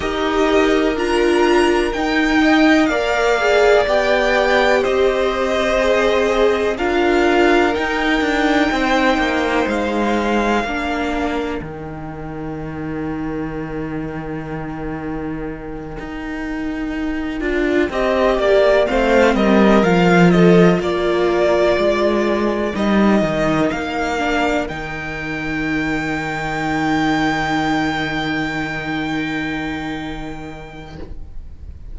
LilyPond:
<<
  \new Staff \with { instrumentName = "violin" } { \time 4/4 \tempo 4 = 62 dis''4 ais''4 g''4 f''4 | g''4 dis''2 f''4 | g''2 f''2 | g''1~ |
g''2.~ g''8 f''8 | dis''8 f''8 dis''8 d''2 dis''8~ | dis''8 f''4 g''2~ g''8~ | g''1 | }
  \new Staff \with { instrumentName = "violin" } { \time 4/4 ais'2~ ais'8 dis''8 d''4~ | d''4 c''2 ais'4~ | ais'4 c''2 ais'4~ | ais'1~ |
ais'2~ ais'8 dis''8 d''8 c''8 | ais'4 a'8 ais'2~ ais'8~ | ais'1~ | ais'1 | }
  \new Staff \with { instrumentName = "viola" } { \time 4/4 g'4 f'4 dis'4 ais'8 gis'8 | g'2 gis'4 f'4 | dis'2. d'4 | dis'1~ |
dis'2 f'8 g'4 c'8~ | c'8 f'2. dis'8~ | dis'4 d'8 dis'2~ dis'8~ | dis'1 | }
  \new Staff \with { instrumentName = "cello" } { \time 4/4 dis'4 d'4 dis'4 ais4 | b4 c'2 d'4 | dis'8 d'8 c'8 ais8 gis4 ais4 | dis1~ |
dis8 dis'4. d'8 c'8 ais8 a8 | g8 f4 ais4 gis4 g8 | dis8 ais4 dis2~ dis8~ | dis1 | }
>>